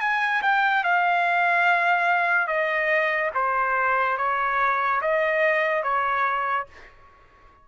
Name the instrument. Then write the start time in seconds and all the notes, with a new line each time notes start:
trumpet
0.00 G#5
0.42 G5
0.84 F5
2.47 D#5
3.34 C5
4.17 C#5
5.01 D#5
5.83 C#5